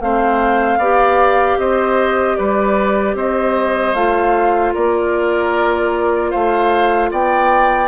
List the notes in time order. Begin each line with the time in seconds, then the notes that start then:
0.00 A3 C4 C5 F5
0.77 B3 G4 D5
1.58 C4 C5 D#5
2.35 G3 B4 D5
3.14 C4 C5 D#5
3.94 A3 F4 F5
4.73 A#3 A#4 D5
6.30 A3 C5 F5
7.11 B3 D5 G5